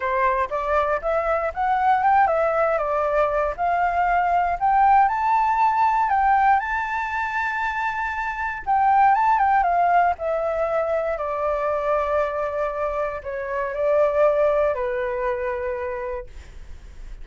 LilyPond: \new Staff \with { instrumentName = "flute" } { \time 4/4 \tempo 4 = 118 c''4 d''4 e''4 fis''4 | g''8 e''4 d''4. f''4~ | f''4 g''4 a''2 | g''4 a''2.~ |
a''4 g''4 a''8 g''8 f''4 | e''2 d''2~ | d''2 cis''4 d''4~ | d''4 b'2. | }